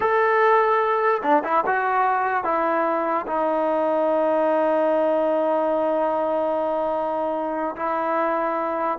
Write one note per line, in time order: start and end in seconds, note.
0.00 1.21 A4
1.22 1.43 D4
1.44 1.64 E4
1.66 2.44 F#4
2.44 3.25 E4
3.26 7.75 D#4
7.76 8.98 E4